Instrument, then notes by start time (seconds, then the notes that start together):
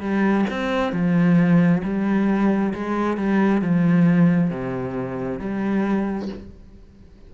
cello
0.00 G3
0.50 C4
0.92 F3
1.83 G3
2.74 G#3
3.17 G3
3.61 F3
4.50 C3
5.39 G3